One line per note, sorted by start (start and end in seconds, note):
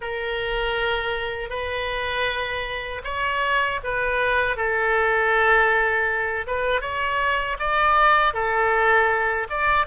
0.01 1.49 A#4
1.49 3.01 B4
3.04 3.80 C#5
3.83 4.56 B4
4.56 6.46 A4
6.47 6.81 B4
6.81 7.57 C#5
7.59 8.33 D5
8.33 9.47 A4
9.49 9.86 D5